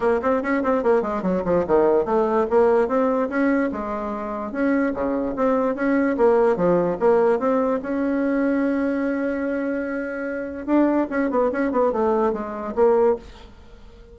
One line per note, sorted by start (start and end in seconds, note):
0.00 0.20 A#3
0.21 0.42 C4
0.42 0.62 C#4
0.63 0.83 C4
0.83 1.02 A#3
1.02 1.22 G#3
1.22 1.43 F#3
1.44 1.65 F3
1.66 2.05 D#3
2.05 2.46 A3
2.49 2.87 A#3
2.87 3.29 C4
3.29 3.70 C#4
3.72 4.51 G#3
4.51 4.93 C#4
4.93 5.34 C#3
5.36 5.75 C4
5.75 6.16 C#4
6.17 6.56 A#3
6.56 6.97 F3
6.99 7.39 A#3
7.39 7.80 C4
7.82 10.66 C#4
10.66 11.07 D4
11.10 11.30 C#4
11.30 11.50 B3
11.52 11.71 C#4
11.71 11.92 B3
11.92 12.33 A3
12.33 12.74 G#3
12.75 13.16 A#3